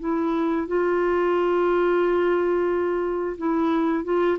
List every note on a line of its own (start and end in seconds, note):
0.00 0.67 E4
0.67 3.37 F4
3.38 4.04 E4
4.04 4.38 F4